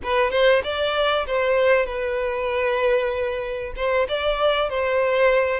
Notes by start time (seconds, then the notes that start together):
0.03 B4
0.31 C5
0.63 D5
1.27 C5
1.86 B4
3.76 C5
4.08 D5
4.69 C5